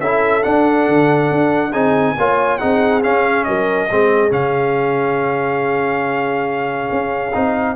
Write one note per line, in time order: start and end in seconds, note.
0.00 0.43 C#4
0.00 0.42 E4
0.00 1.71 A4
0.00 0.43 E5
0.42 1.72 D4
0.42 0.88 D4
0.42 1.72 F#5
0.88 1.31 D3
1.31 1.73 D4
1.71 2.17 C4
1.71 2.16 D#4
1.71 2.14 G#4
1.71 2.58 G#5
2.17 2.61 A#3
2.17 2.59 F4
2.17 2.58 C#5
2.58 3.05 C4
2.58 3.02 D#4
2.58 3.45 G#4
2.58 3.01 F#5
3.03 3.89 C#4
3.03 3.47 C#4
3.03 3.44 F5
3.44 3.90 F#3
3.44 3.90 A#4
3.44 4.30 D#5
3.90 4.31 G#3
3.90 4.30 C4
3.90 7.76 G#4
4.30 6.90 C#3
4.30 7.32 C#4
4.30 7.76 F5
6.91 7.34 C#4
7.33 7.76 C4
7.33 7.76 D#4